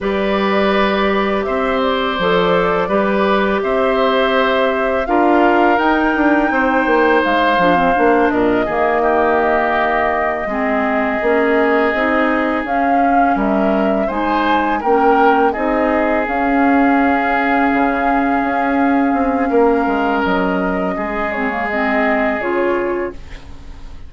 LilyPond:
<<
  \new Staff \with { instrumentName = "flute" } { \time 4/4 \tempo 4 = 83 d''2 e''8 d''4.~ | d''4 e''2 f''4 | g''2 f''4. dis''8~ | dis''1~ |
dis''4. f''4 e''4 gis''8~ | gis''8 g''4 dis''4 f''4.~ | f''1 | dis''4. cis''8 dis''4 cis''4 | }
  \new Staff \with { instrumentName = "oboe" } { \time 4/4 b'2 c''2 | b'4 c''2 ais'4~ | ais'4 c''2~ c''8 ais'8 | gis'8 g'2 gis'4.~ |
gis'2~ gis'8 ais'4 c''8~ | c''8 ais'4 gis'2~ gis'8~ | gis'2. ais'4~ | ais'4 gis'2. | }
  \new Staff \with { instrumentName = "clarinet" } { \time 4/4 g'2. a'4 | g'2. f'4 | dis'2~ dis'8 d'16 c'16 d'4 | ais2~ ais8 c'4 cis'8~ |
cis'8 dis'4 cis'2 dis'8~ | dis'8 cis'4 dis'4 cis'4.~ | cis'1~ | cis'4. c'16 ais16 c'4 f'4 | }
  \new Staff \with { instrumentName = "bassoon" } { \time 4/4 g2 c'4 f4 | g4 c'2 d'4 | dis'8 d'8 c'8 ais8 gis8 f8 ais8 ais,8 | dis2~ dis8 gis4 ais8~ |
ais8 c'4 cis'4 g4 gis8~ | gis8 ais4 c'4 cis'4.~ | cis'8 cis4 cis'4 c'8 ais8 gis8 | fis4 gis2 cis4 | }
>>